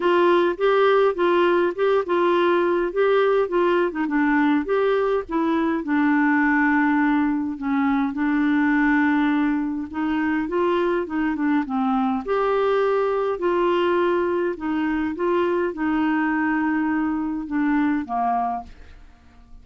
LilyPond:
\new Staff \with { instrumentName = "clarinet" } { \time 4/4 \tempo 4 = 103 f'4 g'4 f'4 g'8 f'8~ | f'4 g'4 f'8. dis'16 d'4 | g'4 e'4 d'2~ | d'4 cis'4 d'2~ |
d'4 dis'4 f'4 dis'8 d'8 | c'4 g'2 f'4~ | f'4 dis'4 f'4 dis'4~ | dis'2 d'4 ais4 | }